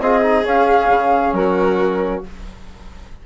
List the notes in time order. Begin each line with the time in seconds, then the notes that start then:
0.00 C4 F4 G#4 D#5
0.23 D#4
0.44 C#4 F5
0.90 C#3
1.33 F#3 F#4 A#4